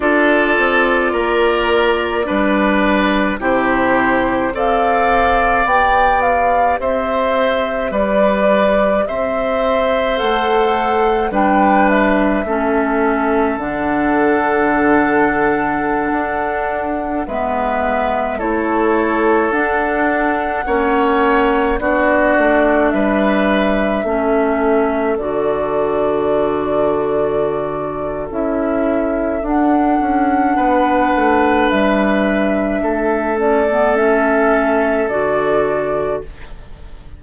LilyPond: <<
  \new Staff \with { instrumentName = "flute" } { \time 4/4 \tempo 4 = 53 d''2. c''4 | f''4 g''8 f''8 e''4 d''4 | e''4 fis''4 g''8 e''4. | fis''2.~ fis''16 e''8.~ |
e''16 cis''4 fis''2 d''8.~ | d''16 e''2 d''4.~ d''16~ | d''4 e''4 fis''2 | e''4. d''8 e''4 d''4 | }
  \new Staff \with { instrumentName = "oboe" } { \time 4/4 a'4 ais'4 b'4 g'4 | d''2 c''4 b'4 | c''2 b'4 a'4~ | a'2.~ a'16 b'8.~ |
b'16 a'2 cis''4 fis'8.~ | fis'16 b'4 a'2~ a'8.~ | a'2. b'4~ | b'4 a'2. | }
  \new Staff \with { instrumentName = "clarinet" } { \time 4/4 f'2 d'4 e'4 | a'4 g'2.~ | g'4 a'4 d'4 cis'4 | d'2.~ d'16 b8.~ |
b16 e'4 d'4 cis'4 d'8.~ | d'4~ d'16 cis'4 fis'4.~ fis'16~ | fis'4 e'4 d'2~ | d'4. cis'16 b16 cis'4 fis'4 | }
  \new Staff \with { instrumentName = "bassoon" } { \time 4/4 d'8 c'8 ais4 g4 c4 | c'4 b4 c'4 g4 | c'4 a4 g4 a4 | d2~ d16 d'4 gis8.~ |
gis16 a4 d'4 ais4 b8 a16~ | a16 g4 a4 d4.~ d16~ | d4 cis'4 d'8 cis'8 b8 a8 | g4 a2 d4 | }
>>